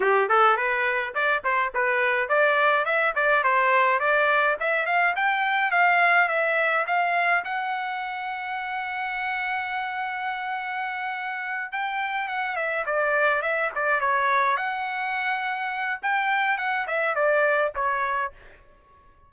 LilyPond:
\new Staff \with { instrumentName = "trumpet" } { \time 4/4 \tempo 4 = 105 g'8 a'8 b'4 d''8 c''8 b'4 | d''4 e''8 d''8 c''4 d''4 | e''8 f''8 g''4 f''4 e''4 | f''4 fis''2.~ |
fis''1~ | fis''8 g''4 fis''8 e''8 d''4 e''8 | d''8 cis''4 fis''2~ fis''8 | g''4 fis''8 e''8 d''4 cis''4 | }